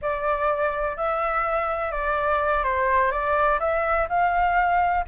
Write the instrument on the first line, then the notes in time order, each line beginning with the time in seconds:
flute
0.01 D5
0.96 E5
1.91 D5
2.63 C5
3.11 D5
3.59 E5
4.08 F5